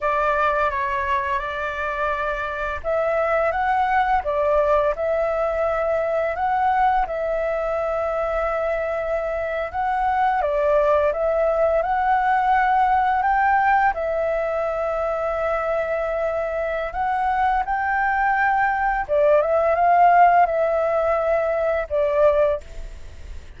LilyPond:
\new Staff \with { instrumentName = "flute" } { \time 4/4 \tempo 4 = 85 d''4 cis''4 d''2 | e''4 fis''4 d''4 e''4~ | e''4 fis''4 e''2~ | e''4.~ e''16 fis''4 d''4 e''16~ |
e''8. fis''2 g''4 e''16~ | e''1 | fis''4 g''2 d''8 e''8 | f''4 e''2 d''4 | }